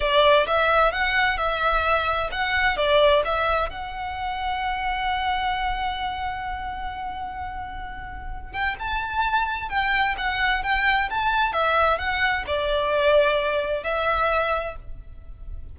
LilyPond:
\new Staff \with { instrumentName = "violin" } { \time 4/4 \tempo 4 = 130 d''4 e''4 fis''4 e''4~ | e''4 fis''4 d''4 e''4 | fis''1~ | fis''1~ |
fis''2~ fis''8 g''8 a''4~ | a''4 g''4 fis''4 g''4 | a''4 e''4 fis''4 d''4~ | d''2 e''2 | }